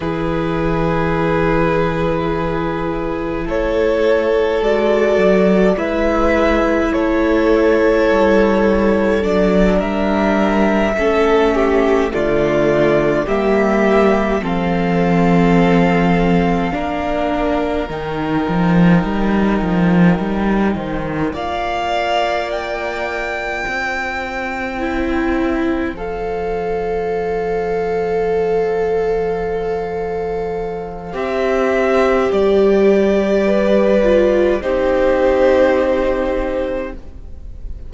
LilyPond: <<
  \new Staff \with { instrumentName = "violin" } { \time 4/4 \tempo 4 = 52 b'2. cis''4 | d''4 e''4 cis''2 | d''8 e''2 d''4 e''8~ | e''8 f''2. g''8~ |
g''2~ g''8 f''4 g''8~ | g''2~ g''8 f''4.~ | f''2. e''4 | d''2 c''2 | }
  \new Staff \with { instrumentName = "violin" } { \time 4/4 gis'2. a'4~ | a'4 b'4 a'2~ | a'8 ais'4 a'8 g'8 f'4 g'8~ | g'8 a'2 ais'4.~ |
ais'2 c''8 d''4.~ | d''8 c''2.~ c''8~ | c''1~ | c''4 b'4 g'2 | }
  \new Staff \with { instrumentName = "viola" } { \time 4/4 e'1 | fis'4 e'2. | d'4. cis'4 a4 ais8~ | ais8 c'2 d'4 dis'8~ |
dis'2~ dis'8 f'4.~ | f'4. e'4 a'4.~ | a'2. g'4~ | g'4. f'8 dis'2 | }
  \new Staff \with { instrumentName = "cello" } { \time 4/4 e2. a4 | gis8 fis8 gis4 a4 g4 | fis8 g4 a4 d4 g8~ | g8 f2 ais4 dis8 |
f8 g8 f8 g8 dis8 ais4.~ | ais8 c'2 f4.~ | f2. c'4 | g2 c'2 | }
>>